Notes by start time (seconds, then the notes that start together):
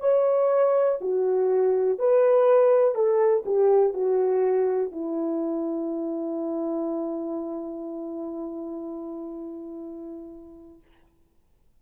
0.00 C#5
1.01 F#4
1.99 B4
2.95 A4
3.46 G4
3.93 F#4
4.92 E4